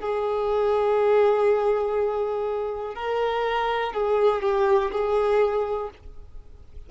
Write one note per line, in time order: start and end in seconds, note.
0.00 2.95 G#4
2.95 3.93 A#4
3.93 4.42 G#4
4.42 4.91 G4
4.91 5.90 G#4